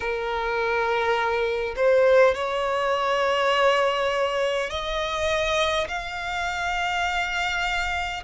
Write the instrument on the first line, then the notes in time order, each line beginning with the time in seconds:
violin
0.00 A#4
1.76 C5
2.34 C#5
4.70 D#5
5.88 F5